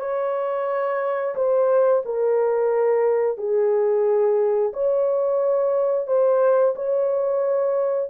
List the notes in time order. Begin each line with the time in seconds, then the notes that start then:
0.00 C#5
1.35 C5
2.05 A#4
3.38 G#4
4.73 C#5
6.07 C5
6.76 C#5